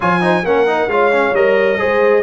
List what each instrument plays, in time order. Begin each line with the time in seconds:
0.00 tuba F3, trombone F4, horn C#5, trumpet G#5
0.21 trombone D#4, horn C5
0.44 tuba A#3, trombone C#4, horn A#4, trumpet F#5
0.67 trombone D#4
0.87 tuba G#3, trombone F4, horn C#5, trumpet F5
1.12 trombone C#4
1.33 tuba G3, trombone A#4, trumpet D#5
1.78 tuba G#3, trombone G#4, horn C5